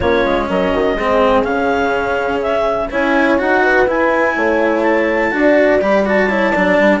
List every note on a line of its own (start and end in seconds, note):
0.00 0.25 A#3
0.00 0.98 C#4
0.00 0.48 F4
0.00 0.46 C#5
0.25 0.49 G#3
0.49 0.73 F#3
0.49 0.73 A#4
0.49 1.43 D#5
0.73 0.94 D#3
0.73 0.96 F#4
0.94 1.42 G#3
0.94 1.43 C4
0.94 2.89 G#4
1.43 2.91 C#3
1.43 2.89 C#4
1.43 2.40 F5
2.41 2.89 E5
2.89 3.40 C#4
2.89 3.38 E4
2.89 3.61 C#5
2.89 3.40 G#5
3.38 3.86 D#4
3.38 3.86 F#4
3.38 3.89 F#5
3.62 4.35 B4
3.86 4.35 E4
3.86 5.31 E4
3.86 4.83 G#5
4.35 5.32 A3
4.35 5.32 C#5
4.83 5.79 A5
5.31 5.80 D4
5.31 5.79 F#4
5.31 6.28 D5
5.81 6.54 G3
5.81 6.05 G4
5.81 6.06 B5
6.05 6.29 F#4
6.05 7.00 A5
6.28 6.53 E4
6.28 6.51 C#5
6.51 6.79 F#3
6.51 7.00 D4
6.51 6.99 D5
6.79 7.00 G3